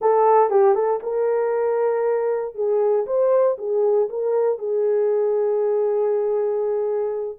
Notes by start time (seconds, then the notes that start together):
0.01 A4
0.50 G4
0.74 A4
1.02 A#4
2.54 G#4
3.06 C5
3.58 G#4
4.09 A#4
4.58 G#4